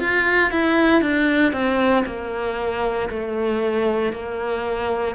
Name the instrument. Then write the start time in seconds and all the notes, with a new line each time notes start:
cello
0.00 F4
0.52 E4
1.03 D4
1.53 C4
2.06 A#3
3.10 A3
4.13 A#3